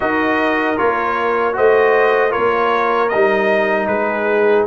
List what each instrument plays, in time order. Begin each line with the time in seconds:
0.00 tuba D#4, trombone F#4, horn A#4, trumpet D#5
0.76 tuba A#3, trombone F4, trumpet C#5
1.52 tuba A3, trombone F#4, horn C5, trumpet D#5
2.30 trombone F4, horn A#4, trumpet C#5
2.37 tuba A#3
3.08 tuba G3, trombone D#4, trumpet D#5
3.87 tuba G#3, horn G#4, trumpet B4